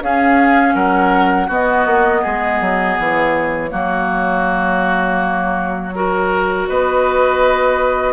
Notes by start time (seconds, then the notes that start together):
0.00 C#4 G#4 F5
0.74 F#3 A#4 F#5
1.47 B3 F#4 D#5
1.86 A#3
2.21 G#3 G#4
2.61 F#3
2.98 E3 C#5
3.69 F#3 A#3 F#4
5.95 F#4 A#4
6.68 B3 B4 D#5